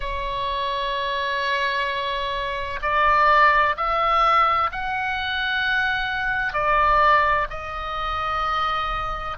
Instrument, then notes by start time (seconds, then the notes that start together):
oboe
0.00 C#5
2.81 D5
3.76 E5
4.71 F#5
6.53 D5
7.50 D#5